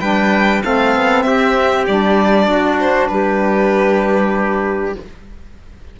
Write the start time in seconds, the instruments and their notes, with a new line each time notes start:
0.00 cello G3, saxophone D4, trumpet B4, violin G5
0.62 cello A3, saxophone C4, trumpet A4, violin F5
0.96 cello B3
1.23 cello C4, trumpet G4, violin E5
1.86 cello G3, saxophone D4, violin D5
2.48 cello D4, trumpet F#4
2.80 violin C5
3.08 cello G3, trumpet G4, violin B4